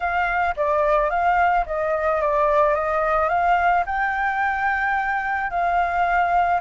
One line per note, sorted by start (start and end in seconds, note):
0.00 0.54 F5
0.56 1.10 D5
1.10 1.65 F5
1.66 2.21 D#5
2.21 2.74 D5
2.74 3.29 D#5
3.29 3.84 F5
3.86 5.50 G5
5.50 6.60 F5